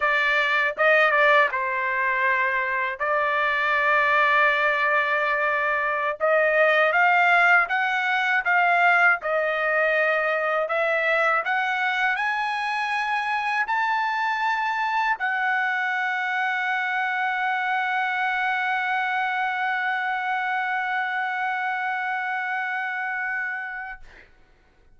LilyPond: \new Staff \with { instrumentName = "trumpet" } { \time 4/4 \tempo 4 = 80 d''4 dis''8 d''8 c''2 | d''1~ | d''16 dis''4 f''4 fis''4 f''8.~ | f''16 dis''2 e''4 fis''8.~ |
fis''16 gis''2 a''4.~ a''16~ | a''16 fis''2.~ fis''8.~ | fis''1~ | fis''1 | }